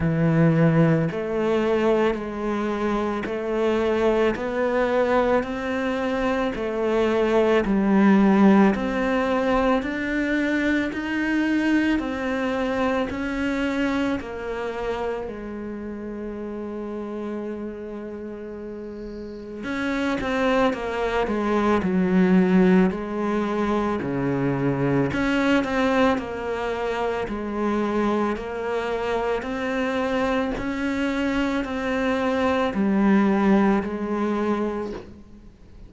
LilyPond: \new Staff \with { instrumentName = "cello" } { \time 4/4 \tempo 4 = 55 e4 a4 gis4 a4 | b4 c'4 a4 g4 | c'4 d'4 dis'4 c'4 | cis'4 ais4 gis2~ |
gis2 cis'8 c'8 ais8 gis8 | fis4 gis4 cis4 cis'8 c'8 | ais4 gis4 ais4 c'4 | cis'4 c'4 g4 gis4 | }